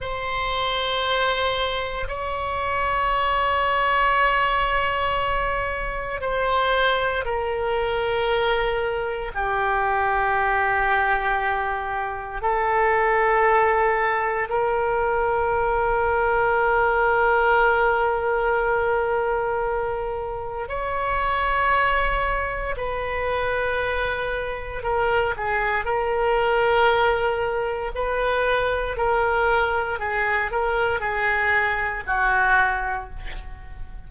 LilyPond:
\new Staff \with { instrumentName = "oboe" } { \time 4/4 \tempo 4 = 58 c''2 cis''2~ | cis''2 c''4 ais'4~ | ais'4 g'2. | a'2 ais'2~ |
ais'1 | cis''2 b'2 | ais'8 gis'8 ais'2 b'4 | ais'4 gis'8 ais'8 gis'4 fis'4 | }